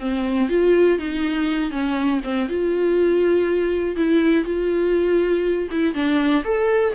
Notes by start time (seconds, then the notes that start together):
0.00 C4
0.49 F4
0.99 D#4
1.71 C#4
2.24 C4
2.49 F4
3.96 E4
4.45 F4
5.71 E4
5.94 D4
6.44 A4